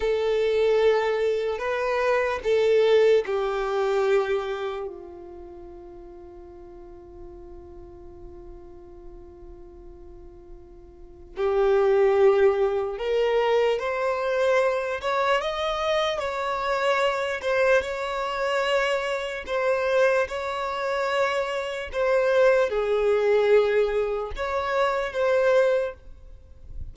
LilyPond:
\new Staff \with { instrumentName = "violin" } { \time 4/4 \tempo 4 = 74 a'2 b'4 a'4 | g'2 f'2~ | f'1~ | f'2 g'2 |
ais'4 c''4. cis''8 dis''4 | cis''4. c''8 cis''2 | c''4 cis''2 c''4 | gis'2 cis''4 c''4 | }